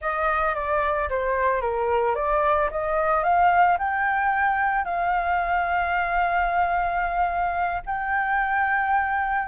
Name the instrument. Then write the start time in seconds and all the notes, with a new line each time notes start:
flute
0.01 D#5
0.55 D5
1.09 C5
1.61 A#4
2.15 D5
2.71 D#5
3.23 F5
3.78 G5
4.84 F5
7.86 G5